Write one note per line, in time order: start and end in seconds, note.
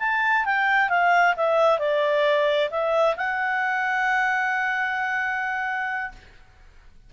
0.00 0.45 A5
0.46 0.90 G5
0.90 1.35 F5
1.37 1.79 E5
1.79 2.70 D5
2.71 3.16 E5
3.17 6.12 F#5